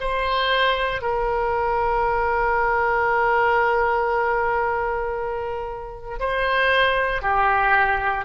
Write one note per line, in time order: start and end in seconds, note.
0.00 1.02 C5
1.02 6.19 A#4
6.19 7.22 C5
7.22 8.25 G4